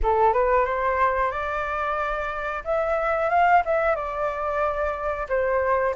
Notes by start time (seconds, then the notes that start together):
0.02 A4
0.33 B4
0.65 C5
1.31 D5
2.64 E5
3.29 F5
3.65 E5
3.95 D5
5.28 C5